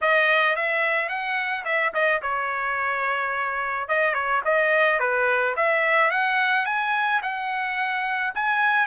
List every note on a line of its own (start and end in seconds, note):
0.01 0.56 D#5
0.56 1.08 E5
1.08 1.64 F#5
1.64 1.92 E5
1.93 2.21 D#5
2.21 3.88 C#5
3.88 4.13 D#5
4.13 4.41 C#5
4.44 4.99 D#5
4.99 5.55 B4
5.56 6.11 E5
6.11 6.65 F#5
6.65 7.21 G#5
7.22 8.33 F#5
8.35 8.86 G#5